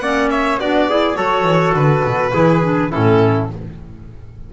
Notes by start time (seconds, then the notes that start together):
0.00 A#3 C#4 D5 F#5
0.31 C#5 E5
0.58 B3 D4 F#4 D5
0.90 E4 G#4
1.15 F#3 F#4 A4 C#5
1.44 E3
1.75 D3 B4
2.05 B2
2.32 E3 E4 G#4
2.63 D4
2.91 A2 C#4 E4 A4